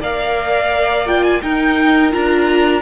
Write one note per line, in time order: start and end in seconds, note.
0.00 1.41 A#3
0.00 1.07 A#4
0.00 1.42 D5
0.00 1.08 F5
1.07 1.42 F4
1.07 1.24 G5
1.24 1.41 G#5
1.42 2.11 D#4
1.42 2.14 D#4
1.42 2.82 A#4
1.42 2.12 G5
2.11 2.82 D4
2.11 2.82 F4
2.11 2.82 A#5